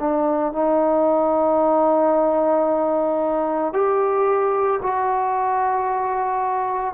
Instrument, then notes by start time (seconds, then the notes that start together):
trombone
0.00 D4
0.53 D#4
3.74 G4
4.83 F#4